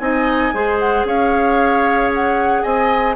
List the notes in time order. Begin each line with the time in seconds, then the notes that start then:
0.00 C4 D#4 D#5 G#5
0.54 G#3 G#4 C5
0.79 F#5
1.05 C#4 C#5 F5
2.14 F#5
2.63 C4 D#5 G#5